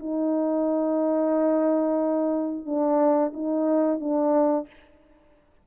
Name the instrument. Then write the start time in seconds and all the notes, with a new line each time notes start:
horn
0.00 D#4
2.66 D4
3.34 D#4
4.01 D4